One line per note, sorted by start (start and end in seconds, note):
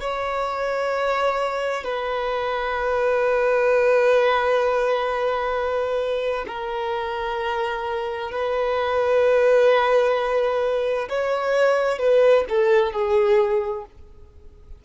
0.00 1.83 C#5
1.83 6.45 B4
6.47 8.31 A#4
8.31 11.08 B4
11.09 11.98 C#5
11.98 12.44 B4
12.49 12.92 A4
12.92 13.85 G#4